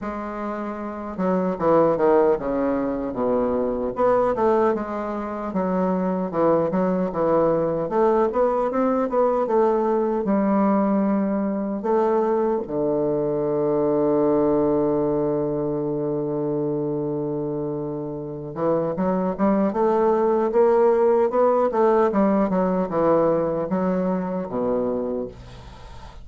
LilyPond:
\new Staff \with { instrumentName = "bassoon" } { \time 4/4 \tempo 4 = 76 gis4. fis8 e8 dis8 cis4 | b,4 b8 a8 gis4 fis4 | e8 fis8 e4 a8 b8 c'8 b8 | a4 g2 a4 |
d1~ | d2.~ d8 e8 | fis8 g8 a4 ais4 b8 a8 | g8 fis8 e4 fis4 b,4 | }